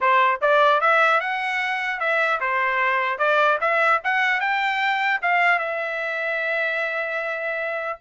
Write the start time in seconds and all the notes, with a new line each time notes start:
0.00 C5
0.41 D5
0.80 E5
1.20 F#5
2.00 E5
2.40 C5
3.18 D5
3.61 E5
4.04 F#5
4.40 G5
5.21 F5
5.58 E5